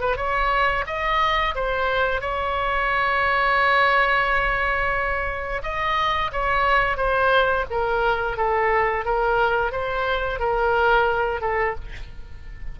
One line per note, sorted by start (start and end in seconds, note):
0.00 0.16 B4
0.16 0.85 C#5
0.86 1.55 D#5
1.55 2.21 C5
2.21 5.62 C#5
5.63 6.31 D#5
6.32 6.97 C#5
6.97 7.65 C5
7.70 8.37 A#4
8.37 9.05 A4
9.05 9.72 A#4
9.72 10.39 C5
10.39 11.41 A#4
11.41 11.75 A4